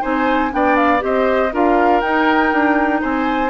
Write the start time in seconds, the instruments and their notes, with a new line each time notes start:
0.00 bassoon C4, clarinet D#4, oboe C5, flute G#5
0.50 bassoon B3, clarinet D4, oboe D5, flute G5
0.76 flute F5
0.99 bassoon C4, clarinet G4, oboe C5, flute D#5
1.52 bassoon D4, clarinet F4, oboe A#4, flute F5
2.01 bassoon D#4, clarinet D#4, flute G5
2.52 bassoon D4
3.01 bassoon C4, oboe C5, flute G#5